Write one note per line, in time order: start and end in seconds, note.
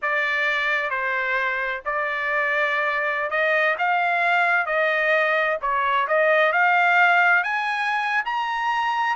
0.02 0.90 D5
0.90 1.81 C5
1.85 3.30 D5
3.30 3.76 D#5
3.78 4.66 F5
4.66 5.57 D#5
5.61 6.07 C#5
6.07 6.52 D#5
6.52 7.43 F5
7.43 8.23 G#5
8.25 9.16 A#5